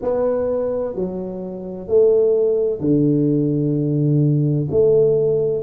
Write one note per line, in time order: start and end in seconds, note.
0.02 0.95 B3
0.95 1.87 F#3
1.87 2.80 A3
2.80 4.67 D3
4.70 5.62 A3